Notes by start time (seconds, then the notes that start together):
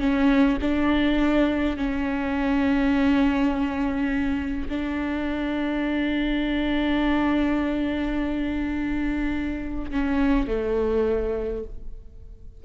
0.00 C#4
0.61 D4
1.77 C#4
4.69 D4
9.92 C#4
10.48 A3